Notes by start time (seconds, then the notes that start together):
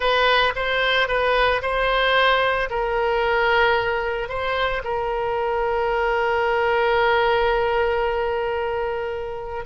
0.00 B4
0.55 C5
1.08 B4
1.62 C5
2.69 A#4
4.29 C5
4.84 A#4